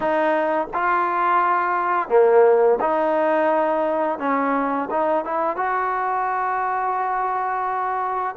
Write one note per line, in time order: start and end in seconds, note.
0.00 0.67 D#4
0.73 2.09 F4
2.09 2.78 A#3
2.80 4.19 D#4
4.19 4.88 C#4
4.90 5.25 D#4
5.25 5.56 E4
5.56 8.35 F#4